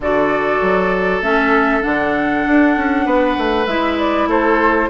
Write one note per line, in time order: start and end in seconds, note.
0.00 0.61 D3
0.00 1.23 F#4
0.00 3.05 A4
0.00 1.22 D5
0.61 1.21 F#3
1.21 1.82 A3
1.21 1.81 C#4
1.21 1.82 E5
1.81 2.46 D3
1.81 3.65 D4
1.81 3.66 F#5
2.46 2.77 D4
2.77 3.05 C#4
3.05 3.36 B3
3.05 4.28 B4
3.37 3.66 A3
3.66 4.26 G#3
3.66 4.89 E4
3.66 3.97 E5
3.98 4.28 D5
4.26 4.87 A3
4.26 4.89 A4
4.26 4.89 C5